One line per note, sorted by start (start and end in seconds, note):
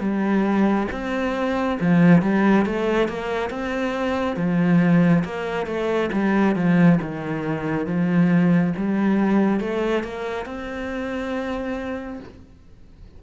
0.00 0.87 G3
0.92 1.79 C4
1.80 2.22 F3
2.22 2.66 G3
2.66 3.08 A3
3.08 3.50 A#3
3.50 4.36 C4
4.36 5.23 F3
5.24 5.66 A#3
5.66 6.10 A3
6.12 6.55 G3
6.55 6.99 F3
7.02 7.86 D#3
7.86 8.73 F3
8.77 9.60 G3
9.60 10.04 A3
10.04 10.45 A#3
10.45 12.19 C4